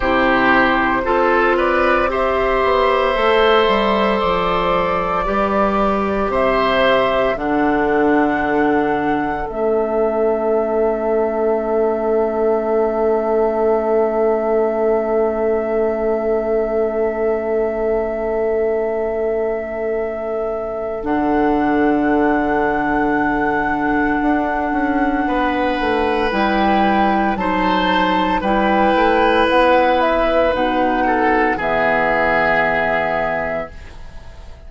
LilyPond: <<
  \new Staff \with { instrumentName = "flute" } { \time 4/4 \tempo 4 = 57 c''4. d''8 e''2 | d''2 e''4 fis''4~ | fis''4 e''2.~ | e''1~ |
e''1 | fis''1~ | fis''4 g''4 a''4 g''4 | fis''8 e''8 fis''4 e''2 | }
  \new Staff \with { instrumentName = "oboe" } { \time 4/4 g'4 a'8 b'8 c''2~ | c''4 b'4 c''4 a'4~ | a'1~ | a'1~ |
a'1~ | a'1 | b'2 c''4 b'4~ | b'4. a'8 gis'2 | }
  \new Staff \with { instrumentName = "clarinet" } { \time 4/4 e'4 f'4 g'4 a'4~ | a'4 g'2 d'4~ | d'4 cis'2.~ | cis'1~ |
cis'1 | d'1~ | d'4 e'4 dis'4 e'4~ | e'4 dis'4 b2 | }
  \new Staff \with { instrumentName = "bassoon" } { \time 4/4 c4 c'4. b8 a8 g8 | f4 g4 c4 d4~ | d4 a2.~ | a1~ |
a1 | d2. d'8 cis'8 | b8 a8 g4 fis4 g8 a8 | b4 b,4 e2 | }
>>